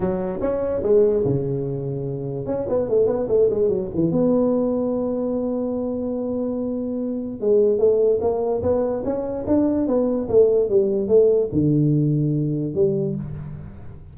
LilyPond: \new Staff \with { instrumentName = "tuba" } { \time 4/4 \tempo 4 = 146 fis4 cis'4 gis4 cis4~ | cis2 cis'8 b8 a8 b8 | a8 gis8 fis8 e8 b2~ | b1~ |
b2 gis4 a4 | ais4 b4 cis'4 d'4 | b4 a4 g4 a4 | d2. g4 | }